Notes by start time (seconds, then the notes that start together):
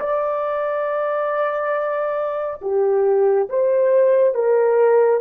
0.00 D5
2.62 G4
3.50 C5
4.35 A#4